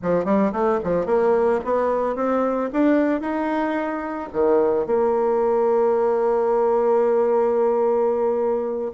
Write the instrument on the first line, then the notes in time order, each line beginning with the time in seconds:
bassoon
0.02 F3
0.25 G3
0.52 A3
0.83 F3
1.05 A#3
1.64 B3
2.15 C4
2.72 D4
3.20 D#4
4.32 D#3
4.86 A#3